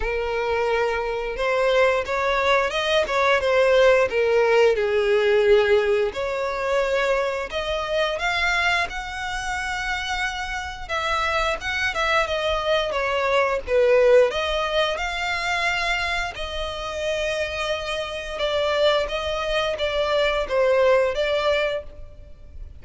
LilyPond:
\new Staff \with { instrumentName = "violin" } { \time 4/4 \tempo 4 = 88 ais'2 c''4 cis''4 | dis''8 cis''8 c''4 ais'4 gis'4~ | gis'4 cis''2 dis''4 | f''4 fis''2. |
e''4 fis''8 e''8 dis''4 cis''4 | b'4 dis''4 f''2 | dis''2. d''4 | dis''4 d''4 c''4 d''4 | }